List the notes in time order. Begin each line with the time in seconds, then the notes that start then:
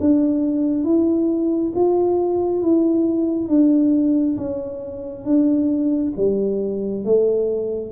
0.00 D4
0.84 E4
1.74 F4
2.62 E4
3.48 D4
4.37 C#4
5.25 D4
6.16 G3
7.05 A3